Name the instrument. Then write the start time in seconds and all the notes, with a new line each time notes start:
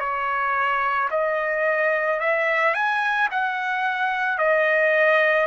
trumpet
0.00 C#5
1.11 D#5
2.20 E5
2.75 G#5
3.32 F#5
4.38 D#5